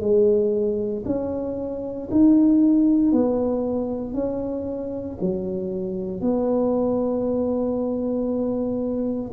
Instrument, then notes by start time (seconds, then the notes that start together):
tuba
0.00 G#3
1.05 C#4
2.11 D#4
3.12 B3
4.14 C#4
5.21 F#3
6.21 B3